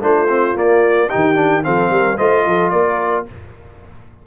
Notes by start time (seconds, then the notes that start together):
0.00 A3 D4 F4 C5
0.28 C4
0.55 A#3 D5
1.09 D#3 D#4 G4 G5
1.35 D4
1.63 F3 C4 A4 F5
1.90 G3 A#4
2.16 A3 F4 C5 D#5
2.46 F3 A4
2.70 A#3 A#4 D5